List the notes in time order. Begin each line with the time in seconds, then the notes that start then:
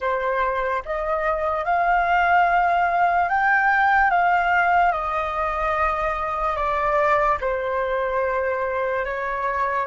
0.00 C5
0.85 D#5
1.64 F5
3.28 G5
4.10 F5
4.92 D#5
6.55 D5
7.40 C5
9.05 C#5